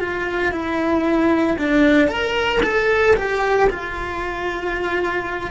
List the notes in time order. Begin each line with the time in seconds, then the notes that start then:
0.00 F4
0.52 E4
1.58 D4
2.08 A#4
2.63 A4
3.16 G4
3.70 F4